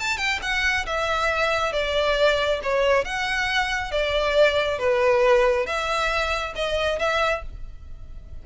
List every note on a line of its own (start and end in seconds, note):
0.00 0.18 A5
0.18 0.40 G5
0.42 0.86 F#5
0.86 1.73 E5
1.73 2.60 D5
2.63 3.05 C#5
3.05 3.91 F#5
3.91 4.79 D5
4.79 5.66 B4
5.66 6.54 E5
6.55 6.99 D#5
6.99 7.43 E5